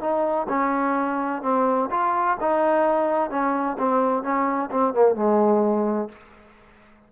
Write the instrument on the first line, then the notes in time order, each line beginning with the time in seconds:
trombone
0.00 D#4
0.48 C#4
1.42 C4
1.90 F4
2.40 D#4
3.30 C#4
3.78 C4
4.23 C#4
4.70 C4
4.93 A#3
5.15 G#3